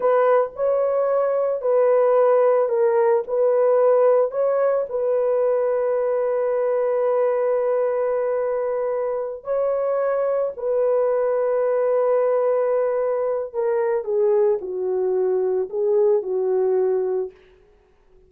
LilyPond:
\new Staff \with { instrumentName = "horn" } { \time 4/4 \tempo 4 = 111 b'4 cis''2 b'4~ | b'4 ais'4 b'2 | cis''4 b'2.~ | b'1~ |
b'4. cis''2 b'8~ | b'1~ | b'4 ais'4 gis'4 fis'4~ | fis'4 gis'4 fis'2 | }